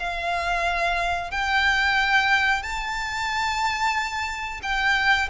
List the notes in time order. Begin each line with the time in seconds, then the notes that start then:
0.00 F5
1.32 G5
2.63 A5
4.63 G5